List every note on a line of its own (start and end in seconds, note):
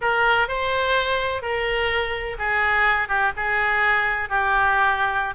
0.01 0.48 A#4
0.48 1.42 C5
1.42 2.37 A#4
2.38 3.08 G#4
3.08 3.32 G4
3.36 4.29 G#4
4.29 5.34 G4